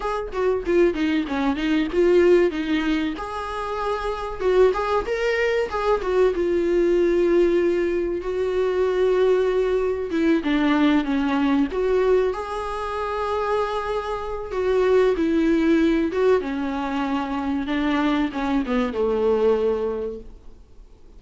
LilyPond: \new Staff \with { instrumentName = "viola" } { \time 4/4 \tempo 4 = 95 gis'8 fis'8 f'8 dis'8 cis'8 dis'8 f'4 | dis'4 gis'2 fis'8 gis'8 | ais'4 gis'8 fis'8 f'2~ | f'4 fis'2. |
e'8 d'4 cis'4 fis'4 gis'8~ | gis'2. fis'4 | e'4. fis'8 cis'2 | d'4 cis'8 b8 a2 | }